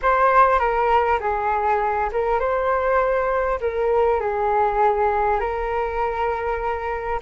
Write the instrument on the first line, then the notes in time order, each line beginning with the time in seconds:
flute
0.02 C5
0.59 A#4
1.20 G#4
2.12 A#4
2.39 C5
3.60 A#4
4.20 G#4
5.39 A#4